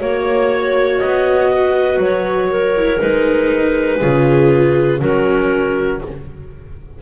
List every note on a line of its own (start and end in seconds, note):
0.00 1.02 A#3
0.00 2.75 F#4
0.00 0.99 C#5
0.00 1.52 C#5
0.99 1.98 B3
0.99 1.99 D#5
1.52 2.51 B4
1.98 2.98 F#3
1.98 3.00 C#5
2.51 4.00 A#4
2.77 3.00 E4
3.00 4.02 G#3
3.00 4.00 D#4
3.00 5.00 B4
4.00 5.02 C#3
4.00 5.02 F4
4.00 5.00 G#4
5.00 6.02 F#3
5.00 6.02 C#4
5.00 6.00 F#4
5.00 6.01 A#4